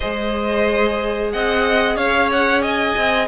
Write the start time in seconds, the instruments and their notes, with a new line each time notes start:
0.00 cello G#3, viola G#4, violin C5 D#5
1.32 cello C4, violin D#5 F#5
1.95 cello C#4, violin C#5 F5
2.32 violin F#5
2.62 violin D#5 G#5
2.96 cello C4